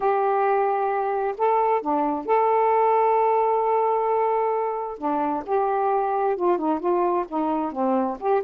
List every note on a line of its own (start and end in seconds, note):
0.00 1.34 G4
1.37 1.81 A4
1.81 2.25 D4
2.25 4.98 A4
4.98 5.43 D4
5.45 6.36 G4
6.36 6.58 F4
6.58 6.79 D#4
6.79 7.25 F4
7.27 7.72 D#4
7.72 8.17 C4
8.19 8.42 G4